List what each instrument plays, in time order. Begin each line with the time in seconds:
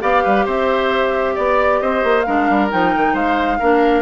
0.00 bassoon B3, clarinet G4, oboe D5, flute F5
0.23 bassoon G3, oboe B4
0.45 bassoon C4, oboe C5, flute E5
1.35 bassoon B3, oboe D5, flute D5
1.81 bassoon C4, oboe C5, flute D#5
2.04 bassoon A#3
2.22 bassoon G#3, clarinet D4, oboe A#4, flute F5
2.50 bassoon G3
2.70 bassoon F3, clarinet D#4, flute G5
2.96 bassoon D#3
3.13 bassoon G#3, oboe C5, flute F5
3.59 bassoon A#3, clarinet D4, oboe A#4